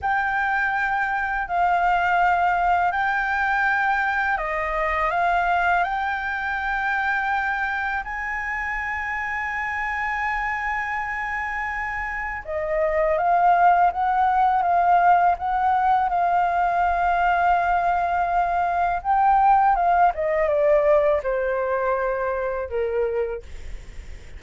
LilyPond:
\new Staff \with { instrumentName = "flute" } { \time 4/4 \tempo 4 = 82 g''2 f''2 | g''2 dis''4 f''4 | g''2. gis''4~ | gis''1~ |
gis''4 dis''4 f''4 fis''4 | f''4 fis''4 f''2~ | f''2 g''4 f''8 dis''8 | d''4 c''2 ais'4 | }